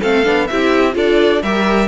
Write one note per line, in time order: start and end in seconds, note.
0.00 0.26 A3
0.00 0.24 C4
0.00 0.47 A4
0.00 0.47 F5
0.24 0.49 B3
0.24 0.47 D4
0.47 0.96 C4
0.47 0.92 E4
0.47 0.96 G4
0.47 0.94 E5
0.92 1.42 D4
0.92 1.39 F4
0.92 1.42 A4
0.92 1.43 D5
1.43 1.88 G3
1.43 1.88 G4
1.43 1.88 A#4
1.43 1.88 E5